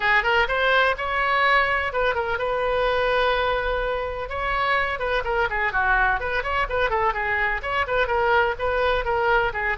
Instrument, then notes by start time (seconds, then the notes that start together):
oboe
0.00 G#4
0.23 A#4
0.47 C5
0.97 C#5
1.92 B4
2.14 A#4
2.38 B4
4.29 C#5
4.99 B4
5.24 A#4
5.49 G#4
5.72 F#4
6.19 B4
6.43 C#5
6.69 B4
6.90 A4
7.13 G#4
7.62 C#5
7.87 B4
8.07 A#4
8.58 B4
9.04 A#4
9.53 G#4